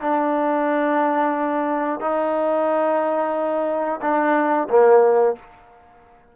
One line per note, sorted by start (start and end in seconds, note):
0.00 2.00 D4
2.00 4.00 D#4
4.01 4.68 D4
4.69 5.36 A#3